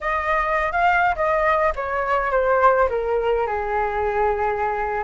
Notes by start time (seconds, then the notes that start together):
0.00 D#5
0.72 F5
1.15 D#5
1.75 C#5
2.31 C5
2.89 A#4
3.46 G#4